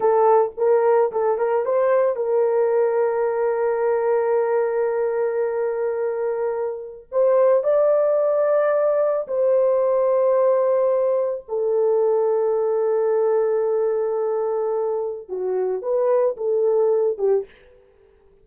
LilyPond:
\new Staff \with { instrumentName = "horn" } { \time 4/4 \tempo 4 = 110 a'4 ais'4 a'8 ais'8 c''4 | ais'1~ | ais'1~ | ais'4 c''4 d''2~ |
d''4 c''2.~ | c''4 a'2.~ | a'1 | fis'4 b'4 a'4. g'8 | }